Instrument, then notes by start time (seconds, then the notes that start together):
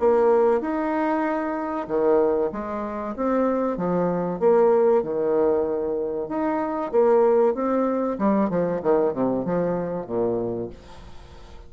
bassoon
0.00 A#3
0.61 D#4
1.88 D#3
2.53 G#3
3.17 C4
3.78 F3
4.40 A#3
5.03 D#3
6.29 D#4
6.92 A#3
7.55 C4
8.19 G3
8.50 F3
8.83 D#3
9.14 C3
9.45 F3
10.07 A#2